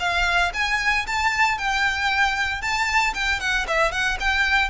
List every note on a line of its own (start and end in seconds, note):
0.00 0.52 F5
0.54 1.06 G#5
1.07 1.58 A5
1.58 2.62 G5
2.62 3.14 A5
3.14 3.40 G5
3.40 3.66 F#5
3.68 3.92 E5
3.92 4.18 F#5
4.20 4.70 G5